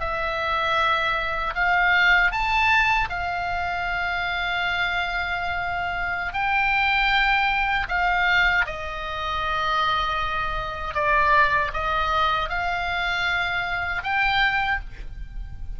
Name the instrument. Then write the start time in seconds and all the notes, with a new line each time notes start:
oboe
0.00 E5
1.55 F5
2.31 A5
3.09 F5
6.33 G5
7.88 F5
8.66 D#5
10.94 D5
11.73 D#5
12.49 F5
14.03 G5